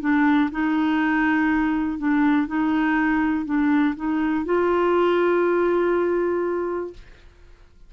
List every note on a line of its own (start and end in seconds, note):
0.00 0.50 D4
0.51 1.98 D#4
1.98 2.47 D4
2.47 3.45 D#4
3.45 3.94 D4
3.95 4.45 D#4
4.45 6.93 F4